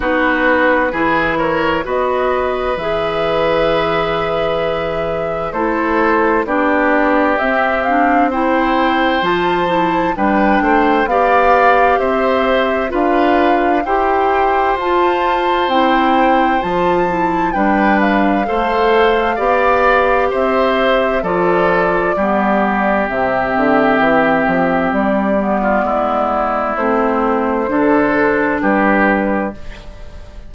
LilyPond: <<
  \new Staff \with { instrumentName = "flute" } { \time 4/4 \tempo 4 = 65 b'4. cis''8 dis''4 e''4~ | e''2 c''4 d''4 | e''8 f''8 g''4 a''4 g''4 | f''4 e''4 f''4 g''4 |
a''4 g''4 a''4 g''8 f''8~ | f''2 e''4 d''4~ | d''4 e''2 d''4~ | d''4 c''2 b'4 | }
  \new Staff \with { instrumentName = "oboe" } { \time 4/4 fis'4 gis'8 ais'8 b'2~ | b'2 a'4 g'4~ | g'4 c''2 b'8 c''8 | d''4 c''4 b'4 c''4~ |
c''2. b'4 | c''4 d''4 c''4 a'4 | g'2.~ g'8. f'16 | e'2 a'4 g'4 | }
  \new Staff \with { instrumentName = "clarinet" } { \time 4/4 dis'4 e'4 fis'4 gis'4~ | gis'2 e'4 d'4 | c'8 d'8 e'4 f'8 e'8 d'4 | g'2 f'4 g'4 |
f'4 e'4 f'8 e'8 d'4 | a'4 g'2 f'4 | b4 c'2~ c'8 b8~ | b4 c'4 d'2 | }
  \new Staff \with { instrumentName = "bassoon" } { \time 4/4 b4 e4 b4 e4~ | e2 a4 b4 | c'2 f4 g8 a8 | b4 c'4 d'4 e'4 |
f'4 c'4 f4 g4 | a4 b4 c'4 f4 | g4 c8 d8 e8 f8 g4 | gis4 a4 d4 g4 | }
>>